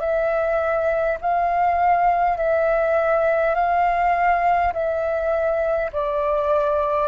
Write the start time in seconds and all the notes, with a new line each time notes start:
0.00 E5
1.21 F5
2.38 E5
3.56 F5
4.73 E5
5.93 D5